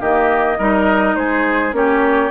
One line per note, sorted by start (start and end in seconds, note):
0.00 0.58 D#3
0.00 0.59 A#3
0.00 0.58 G4
0.00 1.15 D#5
0.58 1.15 G3
0.58 1.72 D#4
0.58 1.15 A#4
1.15 1.72 G#3
1.15 1.75 G#4
1.15 1.73 C5
1.72 2.30 A#3
1.72 2.30 C#4
1.72 2.31 G4
1.72 2.31 C#5